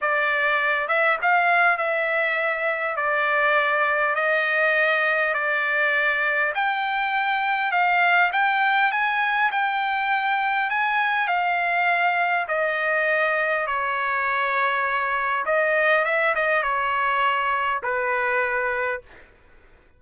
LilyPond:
\new Staff \with { instrumentName = "trumpet" } { \time 4/4 \tempo 4 = 101 d''4. e''8 f''4 e''4~ | e''4 d''2 dis''4~ | dis''4 d''2 g''4~ | g''4 f''4 g''4 gis''4 |
g''2 gis''4 f''4~ | f''4 dis''2 cis''4~ | cis''2 dis''4 e''8 dis''8 | cis''2 b'2 | }